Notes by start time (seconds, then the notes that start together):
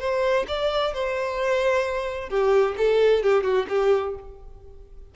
0.00 C5
0.48 D5
0.94 C5
2.30 G4
2.78 A4
3.23 G4
3.43 F#4
3.69 G4